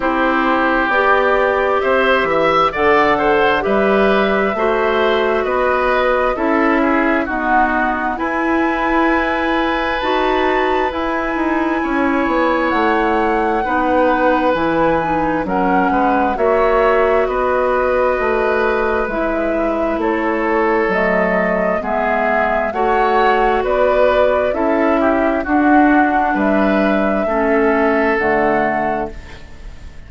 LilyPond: <<
  \new Staff \with { instrumentName = "flute" } { \time 4/4 \tempo 4 = 66 c''4 d''4 e''4 fis''4 | e''2 dis''4 e''4 | fis''4 gis''2 a''4 | gis''2 fis''2 |
gis''4 fis''4 e''4 dis''4~ | dis''4 e''4 cis''4 dis''4 | e''4 fis''4 d''4 e''4 | fis''4 e''2 fis''4 | }
  \new Staff \with { instrumentName = "oboe" } { \time 4/4 g'2 c''8 e''8 d''8 c''8 | b'4 c''4 b'4 a'8 gis'8 | fis'4 b'2.~ | b'4 cis''2 b'4~ |
b'4 ais'8 b'8 cis''4 b'4~ | b'2 a'2 | gis'4 cis''4 b'4 a'8 g'8 | fis'4 b'4 a'2 | }
  \new Staff \with { instrumentName = "clarinet" } { \time 4/4 e'4 g'2 a'4 | g'4 fis'2 e'4 | b4 e'2 fis'4 | e'2. dis'4 |
e'8 dis'8 cis'4 fis'2~ | fis'4 e'2 a4 | b4 fis'2 e'4 | d'2 cis'4 a4 | }
  \new Staff \with { instrumentName = "bassoon" } { \time 4/4 c'4 b4 c'8 e8 d4 | g4 a4 b4 cis'4 | dis'4 e'2 dis'4 | e'8 dis'8 cis'8 b8 a4 b4 |
e4 fis8 gis8 ais4 b4 | a4 gis4 a4 fis4 | gis4 a4 b4 cis'4 | d'4 g4 a4 d4 | }
>>